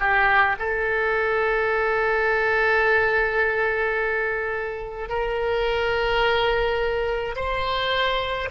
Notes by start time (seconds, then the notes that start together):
0.00 G4
0.59 A4
5.09 A#4
7.36 C5